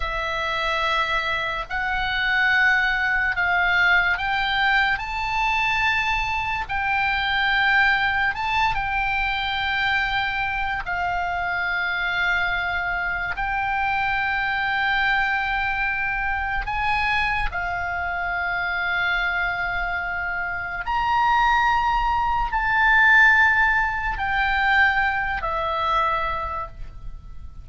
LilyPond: \new Staff \with { instrumentName = "oboe" } { \time 4/4 \tempo 4 = 72 e''2 fis''2 | f''4 g''4 a''2 | g''2 a''8 g''4.~ | g''4 f''2. |
g''1 | gis''4 f''2.~ | f''4 ais''2 a''4~ | a''4 g''4. e''4. | }